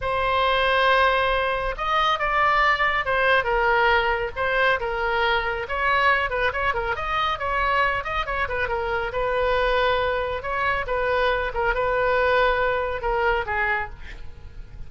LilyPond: \new Staff \with { instrumentName = "oboe" } { \time 4/4 \tempo 4 = 138 c''1 | dis''4 d''2 c''4 | ais'2 c''4 ais'4~ | ais'4 cis''4. b'8 cis''8 ais'8 |
dis''4 cis''4. dis''8 cis''8 b'8 | ais'4 b'2. | cis''4 b'4. ais'8 b'4~ | b'2 ais'4 gis'4 | }